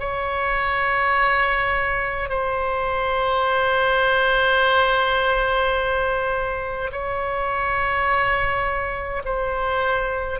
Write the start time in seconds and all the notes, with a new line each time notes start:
0.00 C#5
2.30 C5
6.92 C#5
9.25 C5